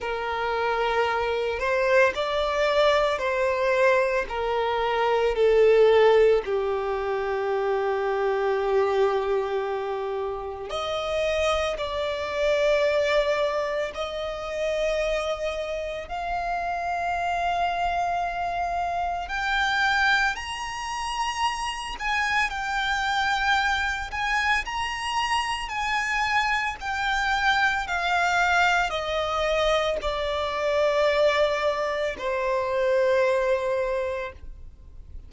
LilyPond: \new Staff \with { instrumentName = "violin" } { \time 4/4 \tempo 4 = 56 ais'4. c''8 d''4 c''4 | ais'4 a'4 g'2~ | g'2 dis''4 d''4~ | d''4 dis''2 f''4~ |
f''2 g''4 ais''4~ | ais''8 gis''8 g''4. gis''8 ais''4 | gis''4 g''4 f''4 dis''4 | d''2 c''2 | }